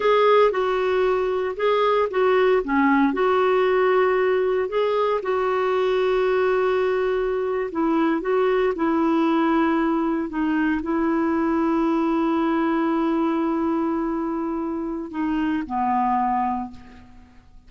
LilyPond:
\new Staff \with { instrumentName = "clarinet" } { \time 4/4 \tempo 4 = 115 gis'4 fis'2 gis'4 | fis'4 cis'4 fis'2~ | fis'4 gis'4 fis'2~ | fis'2~ fis'8. e'4 fis'16~ |
fis'8. e'2. dis'16~ | dis'8. e'2.~ e'16~ | e'1~ | e'4 dis'4 b2 | }